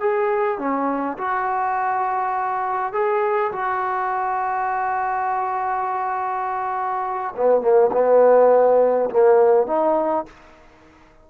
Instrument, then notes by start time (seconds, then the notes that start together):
trombone
0.00 G#4
0.59 C#4
1.18 F#4
2.93 G#4
3.52 F#4
7.36 B3
7.61 A#3
7.92 B3
9.10 A#3
9.67 D#4